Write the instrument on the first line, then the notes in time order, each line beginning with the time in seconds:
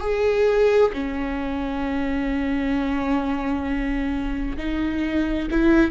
viola
0.00 G#4
0.93 C#4
4.57 D#4
5.50 E4